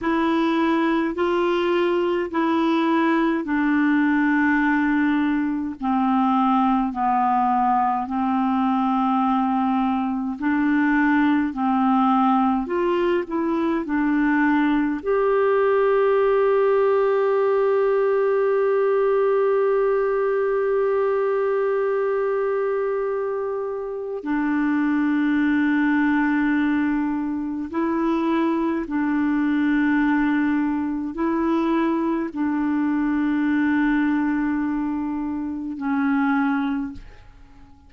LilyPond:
\new Staff \with { instrumentName = "clarinet" } { \time 4/4 \tempo 4 = 52 e'4 f'4 e'4 d'4~ | d'4 c'4 b4 c'4~ | c'4 d'4 c'4 f'8 e'8 | d'4 g'2.~ |
g'1~ | g'4 d'2. | e'4 d'2 e'4 | d'2. cis'4 | }